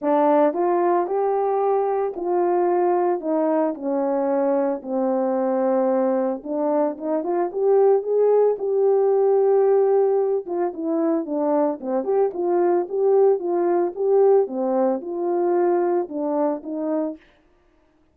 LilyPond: \new Staff \with { instrumentName = "horn" } { \time 4/4 \tempo 4 = 112 d'4 f'4 g'2 | f'2 dis'4 cis'4~ | cis'4 c'2. | d'4 dis'8 f'8 g'4 gis'4 |
g'2.~ g'8 f'8 | e'4 d'4 c'8 g'8 f'4 | g'4 f'4 g'4 c'4 | f'2 d'4 dis'4 | }